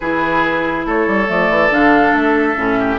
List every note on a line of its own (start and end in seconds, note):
0.00 0.85 E3
0.00 1.27 E4
0.00 0.86 G#4
0.00 0.84 B4
0.85 1.07 A3
0.85 2.78 A4
0.85 1.30 C#5
1.07 1.28 G3
1.27 1.49 F3
1.27 1.69 A3
1.27 1.73 D5
1.49 1.70 E3
1.70 2.12 D3
1.70 2.56 D4
1.70 2.15 F5
2.12 2.55 A3
2.12 2.98 E5
2.56 2.98 A2
2.56 2.98 C#4
2.78 2.98 G4